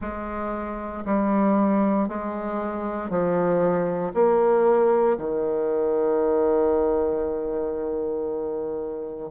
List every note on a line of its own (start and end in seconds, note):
0.00 1.04 G#3
1.05 2.08 G3
2.08 3.09 G#3
3.09 4.12 F3
4.14 5.17 A#3
5.18 9.31 D#3